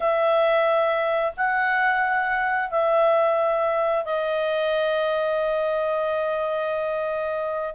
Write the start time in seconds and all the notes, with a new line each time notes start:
0.00 E5
1.37 F#5
2.70 E5
4.04 D#5